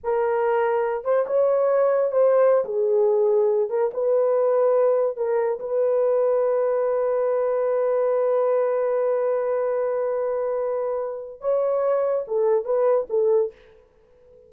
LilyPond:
\new Staff \with { instrumentName = "horn" } { \time 4/4 \tempo 4 = 142 ais'2~ ais'8 c''8 cis''4~ | cis''4 c''4~ c''16 gis'4.~ gis'16~ | gis'8. ais'8 b'2~ b'8.~ | b'16 ais'4 b'2~ b'8.~ |
b'1~ | b'1~ | b'2. cis''4~ | cis''4 a'4 b'4 a'4 | }